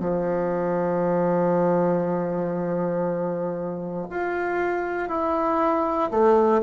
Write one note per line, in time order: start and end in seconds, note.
0.00 4.07 F3
4.11 5.09 F4
5.09 6.11 E4
6.12 6.62 A3